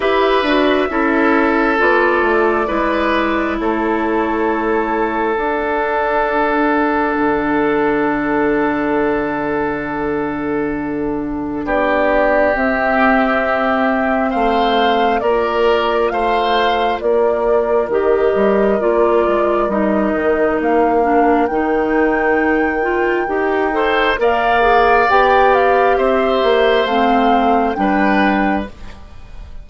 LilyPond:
<<
  \new Staff \with { instrumentName = "flute" } { \time 4/4 \tempo 4 = 67 e''2 d''2 | cis''2 fis''2~ | fis''1~ | fis''4 d''4 e''2 |
f''4 d''4 f''4 d''4 | dis''4 d''4 dis''4 f''4 | g''2. f''4 | g''8 f''8 e''4 f''4 g''4 | }
  \new Staff \with { instrumentName = "oboe" } { \time 4/4 b'4 a'2 b'4 | a'1~ | a'1~ | a'4 g'2. |
c''4 ais'4 c''4 ais'4~ | ais'1~ | ais'2~ ais'8 c''8 d''4~ | d''4 c''2 b'4 | }
  \new Staff \with { instrumentName = "clarinet" } { \time 4/4 g'8 fis'8 e'4 f'4 e'4~ | e'2 d'2~ | d'1~ | d'2 c'2~ |
c'4 f'2. | g'4 f'4 dis'4. d'8 | dis'4. f'8 g'8 a'8 ais'8 gis'8 | g'2 c'4 d'4 | }
  \new Staff \with { instrumentName = "bassoon" } { \time 4/4 e'8 d'8 cis'4 b8 a8 gis4 | a2 d'2 | d1~ | d4 b4 c'2 |
a4 ais4 a4 ais4 | dis8 g8 ais8 gis8 g8 dis8 ais4 | dis2 dis'4 ais4 | b4 c'8 ais8 a4 g4 | }
>>